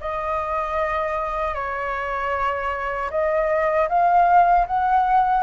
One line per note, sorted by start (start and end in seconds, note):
0.00 1.54 D#5
1.54 3.10 C#5
3.10 3.88 D#5
3.89 4.66 F5
4.67 5.43 F#5